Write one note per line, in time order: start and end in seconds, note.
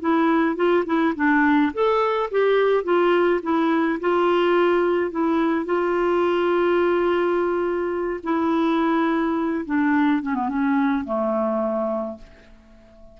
0.00 0.56 E4
0.56 0.84 F4
0.85 1.14 E4
1.15 1.72 D4
1.73 2.30 A4
2.31 2.84 G4
2.84 3.40 F4
3.42 3.99 E4
4.00 5.11 F4
5.11 5.65 E4
5.65 8.20 F4
8.23 9.65 E4
9.65 10.22 D4
10.22 10.34 C#4
10.34 10.48 B3
10.48 11.04 C#4
11.04 12.17 A3